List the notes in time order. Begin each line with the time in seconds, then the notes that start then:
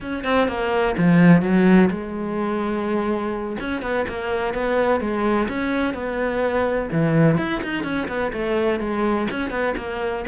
0.00 C#4
0.24 C4
0.48 A#3
0.97 F3
1.42 F#3
1.90 G#3
3.60 C#4
3.81 B3
4.08 A#3
4.53 B3
5.00 G#3
5.48 C#4
5.94 B3
6.92 E3
7.37 E4
7.63 D#4
7.83 C#4
8.08 B3
8.32 A3
8.79 G#3
9.31 C#4
9.50 B3
9.77 A#3